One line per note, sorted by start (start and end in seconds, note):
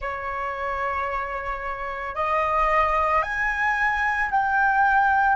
0.00 2.15 C#5
2.15 3.22 D#5
3.22 4.29 G#5
4.31 5.36 G5